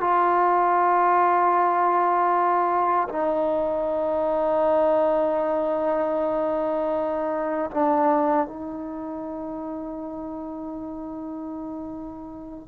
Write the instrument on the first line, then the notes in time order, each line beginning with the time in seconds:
trombone
0.00 F4
3.08 D#4
7.70 D4
8.47 D#4